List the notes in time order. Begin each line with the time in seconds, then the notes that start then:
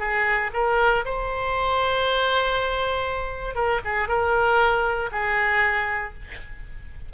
0.00 G#4
0.54 A#4
1.05 C5
3.55 A#4
3.85 G#4
4.09 A#4
5.12 G#4